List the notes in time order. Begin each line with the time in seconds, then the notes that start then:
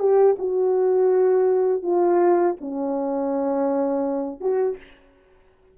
0.00 G4
0.39 F#4
1.83 F4
2.61 C#4
4.41 F#4